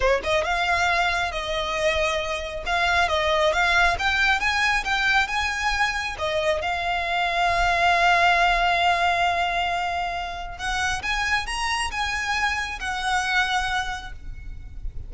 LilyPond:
\new Staff \with { instrumentName = "violin" } { \time 4/4 \tempo 4 = 136 cis''8 dis''8 f''2 dis''4~ | dis''2 f''4 dis''4 | f''4 g''4 gis''4 g''4 | gis''2 dis''4 f''4~ |
f''1~ | f''1 | fis''4 gis''4 ais''4 gis''4~ | gis''4 fis''2. | }